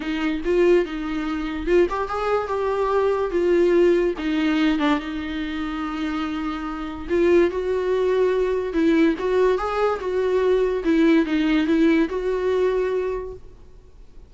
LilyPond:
\new Staff \with { instrumentName = "viola" } { \time 4/4 \tempo 4 = 144 dis'4 f'4 dis'2 | f'8 g'8 gis'4 g'2 | f'2 dis'4. d'8 | dis'1~ |
dis'4 f'4 fis'2~ | fis'4 e'4 fis'4 gis'4 | fis'2 e'4 dis'4 | e'4 fis'2. | }